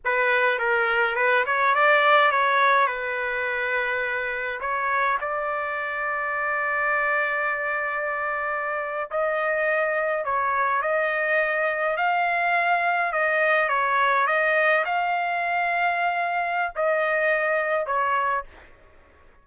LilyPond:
\new Staff \with { instrumentName = "trumpet" } { \time 4/4 \tempo 4 = 104 b'4 ais'4 b'8 cis''8 d''4 | cis''4 b'2. | cis''4 d''2.~ | d''2.~ d''8. dis''16~ |
dis''4.~ dis''16 cis''4 dis''4~ dis''16~ | dis''8. f''2 dis''4 cis''16~ | cis''8. dis''4 f''2~ f''16~ | f''4 dis''2 cis''4 | }